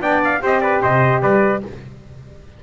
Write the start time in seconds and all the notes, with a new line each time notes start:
0.00 B3 D4 D5 G5
0.24 F5
0.40 C4 G4 C5 D#5
0.60 B4 D5
0.82 C3 C5 D#5
1.22 G3 B4 D5